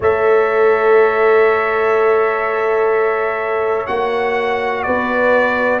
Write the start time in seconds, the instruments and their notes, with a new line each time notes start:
0.00 tuba A3, trombone A4, horn C#5, trumpet E5
3.86 tuba A#3, trombone F#4, trumpet F#5
4.82 tuba B3, horn B4, trumpet D5